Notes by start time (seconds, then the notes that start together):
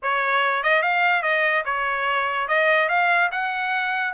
0.02 C#5
0.63 D#5
0.82 F5
1.22 D#5
1.65 C#5
2.48 D#5
2.88 F5
3.31 F#5